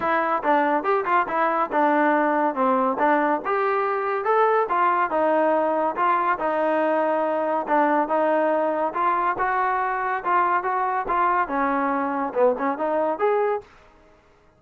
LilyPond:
\new Staff \with { instrumentName = "trombone" } { \time 4/4 \tempo 4 = 141 e'4 d'4 g'8 f'8 e'4 | d'2 c'4 d'4 | g'2 a'4 f'4 | dis'2 f'4 dis'4~ |
dis'2 d'4 dis'4~ | dis'4 f'4 fis'2 | f'4 fis'4 f'4 cis'4~ | cis'4 b8 cis'8 dis'4 gis'4 | }